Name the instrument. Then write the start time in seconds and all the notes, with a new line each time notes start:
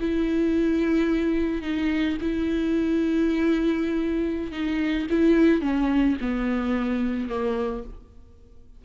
viola
0.00 E4
1.62 D#4
2.21 E4
4.51 D#4
5.10 E4
5.61 C#4
6.21 B3
7.29 A#3